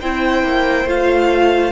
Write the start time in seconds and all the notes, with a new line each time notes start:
0.00 C4 E4 C5 G5
0.43 A#3
0.85 A3 F4 F5